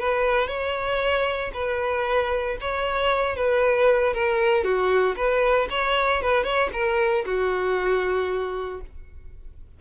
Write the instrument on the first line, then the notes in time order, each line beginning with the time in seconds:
violin
0.00 B4
0.48 C#5
1.54 B4
2.61 C#5
3.36 B4
4.14 A#4
4.64 F#4
5.17 B4
5.71 C#5
6.22 B4
6.44 C#5
6.73 A#4
7.26 F#4